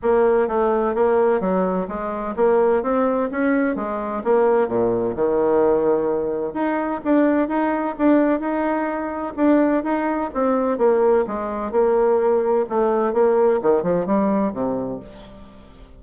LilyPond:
\new Staff \with { instrumentName = "bassoon" } { \time 4/4 \tempo 4 = 128 ais4 a4 ais4 fis4 | gis4 ais4 c'4 cis'4 | gis4 ais4 ais,4 dis4~ | dis2 dis'4 d'4 |
dis'4 d'4 dis'2 | d'4 dis'4 c'4 ais4 | gis4 ais2 a4 | ais4 dis8 f8 g4 c4 | }